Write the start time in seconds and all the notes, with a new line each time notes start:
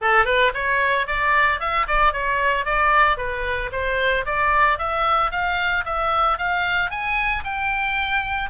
0.01 A4
0.25 B4
0.54 C#5
1.06 D5
1.59 E5
1.87 D5
2.12 C#5
2.65 D5
3.17 B4
3.72 C5
4.25 D5
4.78 E5
5.31 F5
5.85 E5
6.38 F5
6.90 G#5
7.43 G5